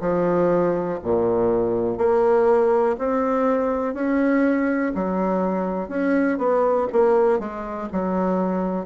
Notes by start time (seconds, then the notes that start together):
0.00 F3
1.02 A#2
1.97 A#3
2.98 C4
3.93 C#4
4.94 F#3
5.88 C#4
6.38 B3
6.92 A#3
7.39 G#3
7.92 F#3